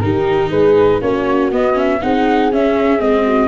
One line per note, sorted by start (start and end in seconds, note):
0.00 0.51 D#3
0.00 1.02 D#4
0.00 0.51 G4
0.00 0.50 A#4
0.51 1.01 G#3
0.51 1.01 G#4
0.51 1.01 B4
1.02 1.51 A#3
1.02 1.51 C#4
1.02 2.01 F#4
1.02 1.51 C#5
1.51 2.01 B3
1.51 1.74 B3
1.51 1.79 D#5
1.74 1.99 C#4
1.74 2.02 E5
2.02 2.52 C4
2.02 2.52 D#4
2.02 3.25 G#4
2.02 2.52 F#5
2.52 2.99 C#4
2.52 3.01 C#4
2.52 3.01 E5
2.99 3.48 G#3
2.99 3.48 C4
2.99 3.48 D#5
3.25 3.48 F#4